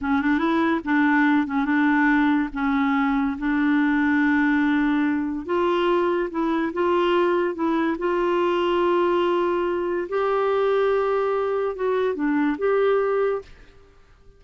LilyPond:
\new Staff \with { instrumentName = "clarinet" } { \time 4/4 \tempo 4 = 143 cis'8 d'8 e'4 d'4. cis'8 | d'2 cis'2 | d'1~ | d'4 f'2 e'4 |
f'2 e'4 f'4~ | f'1 | g'1 | fis'4 d'4 g'2 | }